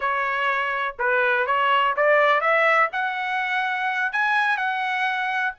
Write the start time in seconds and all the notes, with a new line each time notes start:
0.00 C#5
0.98 B4
1.46 C#5
1.96 D5
2.40 E5
2.92 F#5
4.12 G#5
4.57 F#5